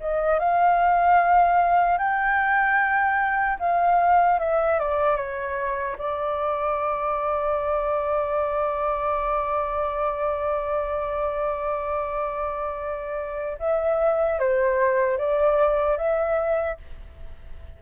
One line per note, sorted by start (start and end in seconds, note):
0.00 0.39 D#5
0.39 1.98 F5
1.98 3.58 G5
3.59 4.39 F5
4.39 4.79 E5
4.79 5.17 D5
5.17 5.97 C#5
5.98 13.58 D5
13.59 14.39 E5
14.39 15.18 C5
15.18 15.97 D5
15.97 16.77 E5